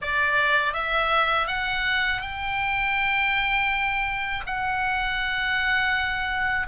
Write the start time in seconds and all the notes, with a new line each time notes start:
0.01 D5
0.73 E5
1.47 F#5
2.21 G5
4.46 F#5